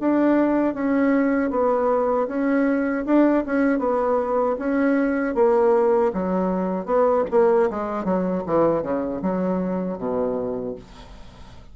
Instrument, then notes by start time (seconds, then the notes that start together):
bassoon
0.00 D4
0.74 C#4
1.50 B3
2.28 C#4
3.06 D4
3.46 C#4
3.79 B3
4.58 C#4
5.35 A#3
6.13 F#3
6.85 B3
7.31 A#3
7.70 G#3
8.04 F#3
8.46 E3
8.83 C#3
9.22 F#3
9.98 B2